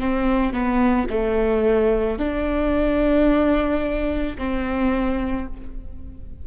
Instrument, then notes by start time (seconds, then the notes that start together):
viola
0.00 C4
0.53 B3
1.10 A3
2.19 D4
4.38 C4